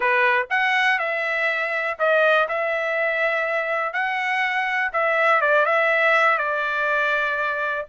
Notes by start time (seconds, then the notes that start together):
0.00 B4
0.49 F#5
0.99 E5
1.99 D#5
2.48 E5
3.93 F#5
4.92 E5
5.41 D5
5.65 E5
6.38 D5